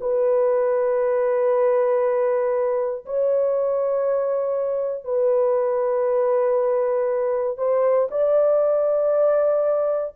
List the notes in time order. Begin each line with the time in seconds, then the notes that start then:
0.00 B4
3.05 C#5
5.04 B4
7.57 C5
8.10 D5